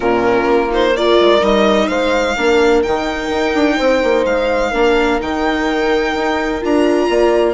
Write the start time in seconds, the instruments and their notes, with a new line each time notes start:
0.00 bassoon A#2, viola C#4, horn F4, violin A#4
0.46 bassoon A#3
0.69 viola D#4, violin C5
0.96 viola F4, horn A#4, violin D5
1.20 bassoon G#3
1.39 bassoon G3, viola D#4, violin D#5
1.87 bassoon G#3, horn C5, violin F5
2.36 bassoon A#3, viola D4, horn A#4
2.82 bassoon D#3, viola D#4, violin G5
3.29 bassoon D#4
3.54 bassoon D4
3.76 bassoon C4, horn C5
4.03 bassoon A#3
4.25 bassoon G#3, violin F5
4.70 bassoon A#3, viola D4, horn A#4
5.20 bassoon D#3, viola D#4, violin G5
6.14 bassoon D#4
6.61 bassoon D4, viola F4, violin A#5
7.09 bassoon A#3, horn D5